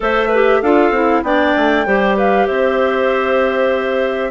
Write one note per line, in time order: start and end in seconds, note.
0.00 0.62 A3
0.00 0.29 A4
0.00 0.28 C5
0.00 0.61 E5
0.28 0.63 G4
0.28 0.59 B4
0.61 0.90 D4
0.61 0.94 F4
0.61 1.23 A4
0.61 1.23 F5
0.90 1.21 C4
0.90 1.24 E4
1.23 1.53 B3
1.23 1.85 D4
1.23 1.86 D5
1.23 2.16 G5
1.56 1.86 A3
1.85 2.48 G3
1.85 4.30 G4
1.85 2.16 C5
2.16 2.47 B4
2.16 2.46 F5
2.46 4.30 C4
2.46 4.30 C5
2.46 4.30 E5